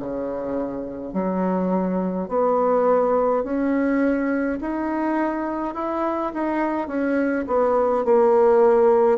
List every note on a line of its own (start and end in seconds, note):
0.00 1.13 C#3
1.13 2.29 F#3
2.29 3.44 B3
3.44 4.59 C#4
4.61 5.75 D#4
5.75 6.33 E4
6.34 6.88 D#4
6.88 7.45 C#4
7.48 8.05 B3
8.05 9.18 A#3